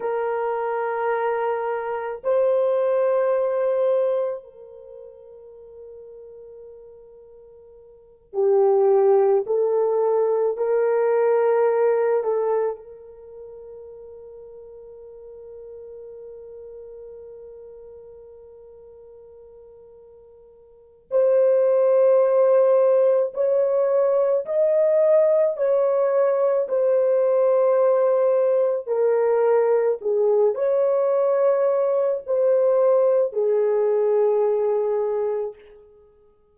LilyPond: \new Staff \with { instrumentName = "horn" } { \time 4/4 \tempo 4 = 54 ais'2 c''2 | ais'2.~ ais'8 g'8~ | g'8 a'4 ais'4. a'8 ais'8~ | ais'1~ |
ais'2. c''4~ | c''4 cis''4 dis''4 cis''4 | c''2 ais'4 gis'8 cis''8~ | cis''4 c''4 gis'2 | }